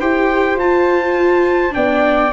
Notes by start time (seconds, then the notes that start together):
0.00 E4 G4 C5 G5
0.56 F4 A5
0.62 F4
1.71 B3 D4 D5 G5